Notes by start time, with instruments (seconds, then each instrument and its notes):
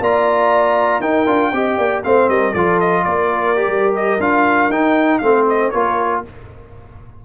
0.00 tuba A#3, trombone F4, horn D5, trumpet A#5
1.00 tuba D#4, trombone D#4, horn A#4, trumpet G5
1.27 tuba D4, trombone F4
1.53 tuba C4, trombone G4, horn D#5
1.78 tuba A#3, horn D5
2.04 tuba A3, trombone C4, horn C5, trumpet F5
2.29 tuba G3, horn A#4, trumpet D#5
2.53 tuba F3, trombone F4, horn A4, trumpet D5
2.80 trumpet D#5
3.04 tuba A#3, horn A#4, trumpet D5
3.56 trombone G4
3.67 tuba G3
3.96 trumpet D#5
4.20 tuba D4, trombone F4, trumpet F5
4.69 tuba D#4, trombone D#4, trumpet G5
5.19 tuba A3, trombone C4, horn C5, trumpet F5
5.49 trumpet D#5
5.71 tuba A#3, trombone F4, horn A#4, trumpet C#5